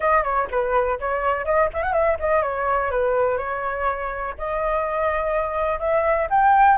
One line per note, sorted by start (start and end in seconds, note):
0.00 0.23 D#5
0.23 0.48 C#5
0.50 0.99 B4
0.99 1.45 C#5
1.45 1.69 D#5
1.73 1.82 E5
1.82 1.92 F#5
1.92 2.17 E5
2.19 2.42 D#5
2.42 2.90 C#5
2.91 3.37 B4
3.37 4.34 C#5
4.38 5.79 D#5
5.79 6.27 E5
6.29 6.77 G5